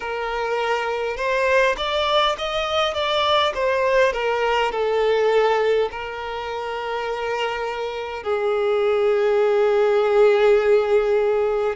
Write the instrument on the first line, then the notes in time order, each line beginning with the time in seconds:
violin
0.00 A#4
1.17 C5
1.76 D5
2.38 D#5
2.94 D5
3.54 C5
4.12 A#4
4.71 A4
5.91 A#4
8.23 G#4